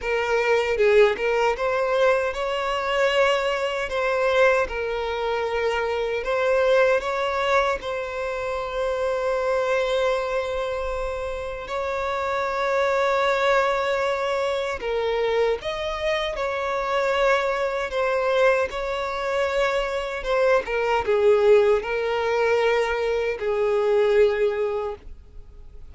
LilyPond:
\new Staff \with { instrumentName = "violin" } { \time 4/4 \tempo 4 = 77 ais'4 gis'8 ais'8 c''4 cis''4~ | cis''4 c''4 ais'2 | c''4 cis''4 c''2~ | c''2. cis''4~ |
cis''2. ais'4 | dis''4 cis''2 c''4 | cis''2 c''8 ais'8 gis'4 | ais'2 gis'2 | }